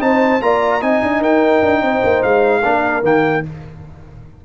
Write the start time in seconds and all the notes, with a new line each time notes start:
0.00 C4 D#4 C5 A5
0.41 A#3 F4 D5 A#5
0.81 C4 D#4 D#5 G#5
1.03 D4
1.21 D#4 A#4 G5
1.62 D4
1.82 C4 C5
2.03 A#3
2.23 G#3 F5
2.61 A#3 D4 A#4
3.02 D#3 A#3 G5